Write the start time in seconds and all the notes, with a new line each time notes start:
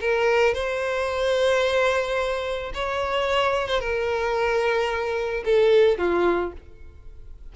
0.00 A#4
0.54 C5
2.74 C#5
3.67 C5
3.80 A#4
5.44 A4
5.98 F4